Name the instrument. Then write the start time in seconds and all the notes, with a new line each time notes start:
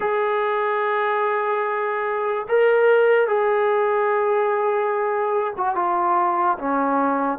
trombone
0.00 G#4
2.48 A#4
3.27 G#4
5.57 F#4
5.75 F4
6.58 C#4